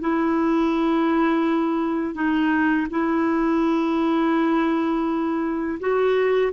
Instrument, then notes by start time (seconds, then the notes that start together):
clarinet
0.00 E4
2.14 D#4
2.90 E4
5.80 F#4